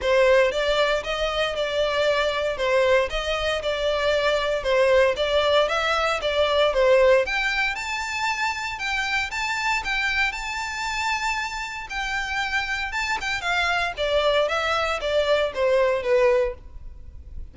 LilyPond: \new Staff \with { instrumentName = "violin" } { \time 4/4 \tempo 4 = 116 c''4 d''4 dis''4 d''4~ | d''4 c''4 dis''4 d''4~ | d''4 c''4 d''4 e''4 | d''4 c''4 g''4 a''4~ |
a''4 g''4 a''4 g''4 | a''2. g''4~ | g''4 a''8 g''8 f''4 d''4 | e''4 d''4 c''4 b'4 | }